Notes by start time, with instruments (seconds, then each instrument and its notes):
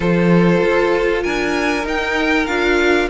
0.00 cello F3, viola F4, violin A4 C5
0.61 cello F4
1.23 cello D4, violin A#4 G#5
1.84 viola D#4, cello D#4, violin G5
2.46 cello D4, viola F4, violin F5